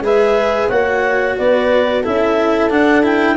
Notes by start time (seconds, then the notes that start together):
0.00 G#3 G#4 B4 E5
0.69 A#3 F#4 C#5 F#5
1.38 B3 B4 D5
2.02 C#4 E4 A4 E5
2.70 D4 F#5
3.03 E4 G5